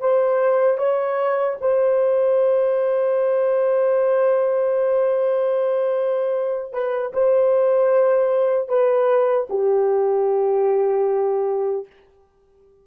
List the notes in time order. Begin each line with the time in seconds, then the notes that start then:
0.00 C5
0.78 C#5
1.61 C5
6.73 B4
7.13 C5
8.68 B4
9.50 G4